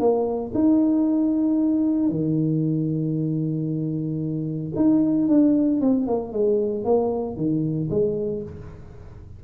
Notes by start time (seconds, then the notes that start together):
0.00 A#3
0.55 D#4
2.10 D#3
4.76 D#4
5.28 D4
5.81 C4
6.07 A#3
6.33 G#3
6.85 A#3
7.37 D#3
7.90 G#3